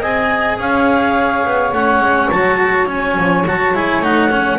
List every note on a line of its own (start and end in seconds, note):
0.00 0.58 C4
0.00 1.74 G#4
0.00 0.57 D#5
0.00 0.59 G#5
0.59 1.44 C#4
0.59 4.58 C#5
0.59 1.73 F5
1.45 1.73 B3
1.73 2.00 A3
1.73 2.31 C#4
1.73 2.30 F#5
2.00 2.28 G#3
2.30 3.17 F#3
2.30 2.86 F#4
2.30 2.87 A5
2.86 3.43 C#4
2.86 3.45 G#5
3.18 3.47 F3
3.47 3.73 F#3
3.47 3.74 F#4
3.47 3.75 A5
3.73 4.00 G#3
3.73 4.03 E4
3.73 4.04 G#5
4.00 4.57 A3
4.00 4.30 D#4
4.00 4.58 F#5
4.30 4.58 C#4